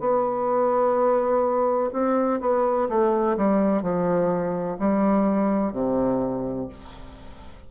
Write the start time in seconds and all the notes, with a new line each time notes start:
0.00 B3
1.93 C4
2.41 B3
2.89 A3
3.37 G3
3.83 F3
4.79 G3
5.73 C3